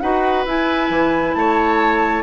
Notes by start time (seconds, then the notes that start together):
0.00 D#4 F#4 B4 F#5
0.46 E4 G#5
0.90 E3
1.34 A3 C#5 A5